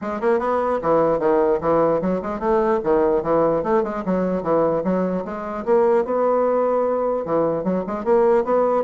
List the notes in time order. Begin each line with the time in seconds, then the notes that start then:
0.01 G#3
0.20 A#3
0.39 B3
0.82 E3
1.19 D#3
1.60 E3
2.01 F#3
2.21 G#3
2.39 A3
2.83 D#3
3.23 E3
3.63 A3
3.83 G#3
4.05 F#3
4.42 E3
4.84 F#3
5.24 G#3
5.65 A#3
6.04 B3
7.25 E3
7.64 F#3
7.86 G#3
8.04 A#3
8.44 B3